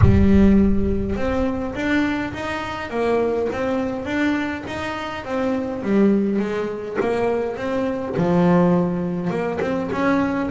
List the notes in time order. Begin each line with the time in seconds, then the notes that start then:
0.01 G3
1.16 C4
1.74 D4
2.33 D#4
2.89 A#3
3.52 C4
4.05 D4
4.67 D#4
5.25 C4
5.83 G3
6.39 G#3
7.00 A#3
7.56 C4
8.16 F3
9.30 A#3
9.60 C4
9.92 C#4